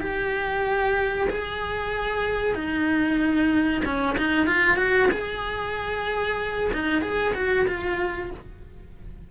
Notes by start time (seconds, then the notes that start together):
0.00 G4
1.29 G#4
2.54 D#4
3.85 C#4
4.18 D#4
4.47 F4
4.77 F#4
5.12 G#4
6.73 D#4
7.02 G#4
7.34 F#4
7.67 F4